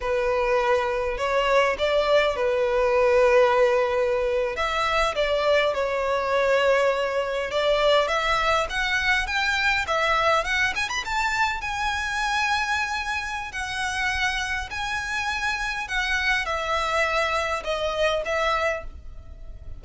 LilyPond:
\new Staff \with { instrumentName = "violin" } { \time 4/4 \tempo 4 = 102 b'2 cis''4 d''4 | b'2.~ b'8. e''16~ | e''8. d''4 cis''2~ cis''16~ | cis''8. d''4 e''4 fis''4 g''16~ |
g''8. e''4 fis''8 gis''16 b''16 a''4 gis''16~ | gis''2. fis''4~ | fis''4 gis''2 fis''4 | e''2 dis''4 e''4 | }